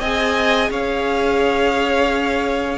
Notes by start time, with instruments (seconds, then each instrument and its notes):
0.00 cello C4, viola G#4, violin D#5 G#5
0.70 cello C#4, violin C#5 F5